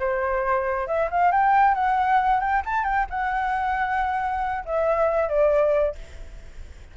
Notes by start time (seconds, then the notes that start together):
0.00 C5
0.88 E5
1.11 F5
1.32 G5
1.75 F#5
2.41 G5
2.66 A5
2.85 G5
3.10 F#5
4.65 E5
5.29 D5